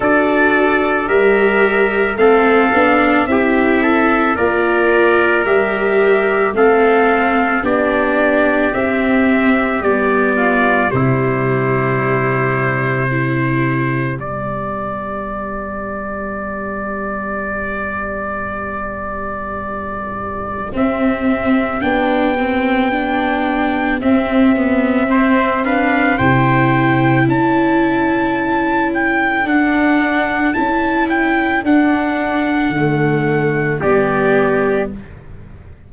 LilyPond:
<<
  \new Staff \with { instrumentName = "trumpet" } { \time 4/4 \tempo 4 = 55 d''4 e''4 f''4 e''4 | d''4 e''4 f''4 d''4 | e''4 d''4 c''2~ | c''4 d''2.~ |
d''2. e''4 | g''2 e''4. f''8 | g''4 a''4. g''8 fis''4 | a''8 g''8 fis''2 d''4 | }
  \new Staff \with { instrumentName = "trumpet" } { \time 4/4 a'4 ais'4 a'4 g'8 a'8 | ais'2 a'4 g'4~ | g'4. f'8 e'2 | g'1~ |
g'1~ | g'2. c''8 b'8 | c''4 a'2.~ | a'2. g'4 | }
  \new Staff \with { instrumentName = "viola" } { \time 4/4 fis'4 g'4 c'8 d'8 e'4 | f'4 g'4 c'4 d'4 | c'4 b4 g2 | e'4 b2.~ |
b2. c'4 | d'8 c'8 d'4 c'8 b8 c'8 d'8 | e'2. d'4 | e'4 d'4 a4 b4 | }
  \new Staff \with { instrumentName = "tuba" } { \time 4/4 d'4 g4 a8 b8 c'4 | ais4 g4 a4 b4 | c'4 g4 c2~ | c4 g2.~ |
g2. c'4 | b2 c'2 | c4 cis'2 d'4 | cis'4 d'4 d4 g4 | }
>>